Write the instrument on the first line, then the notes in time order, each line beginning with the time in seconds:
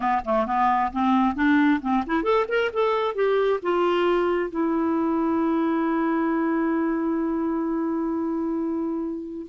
clarinet
0.00 B3
0.25 A3
0.46 B3
0.92 C4
1.35 D4
1.81 C4
2.06 E4
2.23 A4
2.48 A#4
2.73 A4
3.14 G4
3.62 F4
4.50 E4